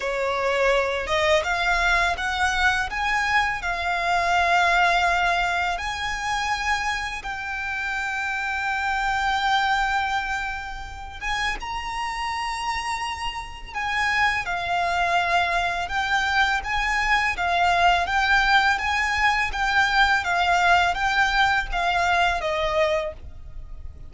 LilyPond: \new Staff \with { instrumentName = "violin" } { \time 4/4 \tempo 4 = 83 cis''4. dis''8 f''4 fis''4 | gis''4 f''2. | gis''2 g''2~ | g''2.~ g''8 gis''8 |
ais''2. gis''4 | f''2 g''4 gis''4 | f''4 g''4 gis''4 g''4 | f''4 g''4 f''4 dis''4 | }